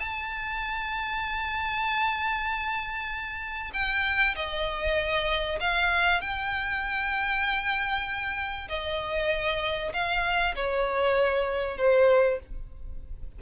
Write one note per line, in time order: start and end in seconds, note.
0.00 3.71 A5
3.74 4.36 G5
4.36 5.59 D#5
5.60 6.21 F5
6.21 8.69 G5
8.69 9.93 D#5
9.94 10.55 F5
10.56 11.78 C#5
11.78 12.40 C5